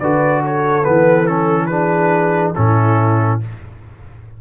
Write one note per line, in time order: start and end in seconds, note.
0.00 0.85 D3
0.00 0.83 F#4
0.00 0.41 B4
0.00 0.42 D5
0.41 1.68 A4
0.41 0.85 C#5
0.83 2.56 E3
0.83 1.25 B3
0.83 1.27 B4
1.27 1.70 C#4
1.27 1.66 A4
1.66 2.55 D4
1.66 2.54 G#4
1.66 2.51 B4
2.55 3.42 A2
2.55 3.41 C#4
2.55 3.41 E4
2.55 3.40 A4